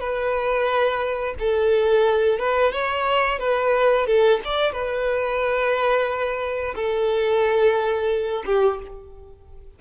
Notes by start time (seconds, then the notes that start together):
0.00 B4
1.40 A4
2.39 B4
2.73 C#5
3.40 B4
4.07 A4
4.45 D5
4.73 B4
6.76 A4
8.46 G4